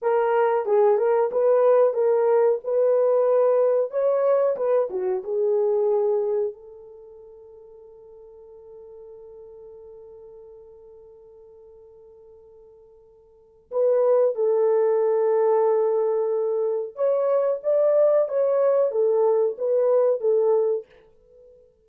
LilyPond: \new Staff \with { instrumentName = "horn" } { \time 4/4 \tempo 4 = 92 ais'4 gis'8 ais'8 b'4 ais'4 | b'2 cis''4 b'8 fis'8 | gis'2 a'2~ | a'1~ |
a'1~ | a'4 b'4 a'2~ | a'2 cis''4 d''4 | cis''4 a'4 b'4 a'4 | }